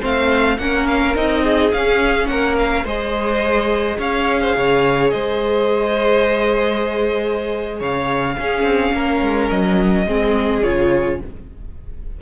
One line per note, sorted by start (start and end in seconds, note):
0.00 0.58 A3
0.00 0.57 C4
0.00 0.57 C5
0.00 0.58 F5
0.58 1.15 A#3
0.58 1.15 C#4
0.58 1.43 A#4
0.58 0.86 F#5
0.87 1.15 F5
1.15 1.71 C4
1.15 1.71 D#4
1.15 1.72 D#5
1.43 2.28 G#4
1.72 2.85 C#4
1.72 2.27 C#4
1.72 2.27 F5
2.27 2.84 A#3
2.27 2.84 A#4
2.27 2.55 F#5
2.58 2.86 F5
2.84 3.98 G#3
2.84 8.38 G#4
2.84 3.97 C5
2.84 4.00 D#5
3.98 4.54 C#4
3.98 4.40 C#5
3.98 5.10 F5
4.41 4.55 C5
4.56 5.12 C#3
4.56 5.13 C#5
5.10 7.80 G#3
5.10 7.79 C5
5.10 7.79 D#5
7.79 8.37 C#3
7.79 8.35 C#5
7.79 9.49 F5
8.38 8.62 C#4
8.38 10.07 C#4
8.38 8.94 G#4
8.62 8.91 C4
8.92 9.21 A#3
8.92 10.06 A#4
9.22 9.50 G#3
9.49 10.06 F#3
9.49 10.62 D#5
10.06 10.62 G#3
10.06 10.63 C4
10.06 11.19 G#4
10.63 11.21 C#3
10.63 11.20 F4
10.63 11.19 C#5